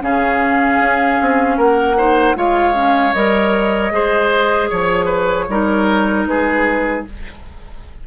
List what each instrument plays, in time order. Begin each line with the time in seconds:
0.00 bassoon C#3, clarinet C#4, oboe G#4, flute F5
0.80 bassoon C#4
1.21 bassoon C4
1.57 bassoon A#3, oboe A#4, flute F#5
1.97 clarinet D#4, oboe C5
2.35 bassoon G#3, clarinet F4, oboe C#5, flute F5
2.74 clarinet C#4
3.13 bassoon G3, clarinet A#4, flute D#5
3.91 bassoon G#3, clarinet G#4, oboe C5
4.69 bassoon F3, oboe C#5, flute C#5
5.05 oboe B4
5.48 bassoon G3, clarinet D#4, oboe A#4
6.26 bassoon G#3, oboe G#4, flute B4